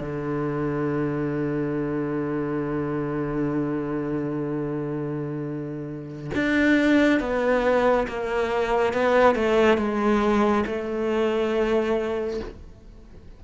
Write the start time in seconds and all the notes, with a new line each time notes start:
0.00 D3
6.34 D4
7.19 B3
8.08 A#3
8.93 B3
9.35 A3
9.77 G#3
10.66 A3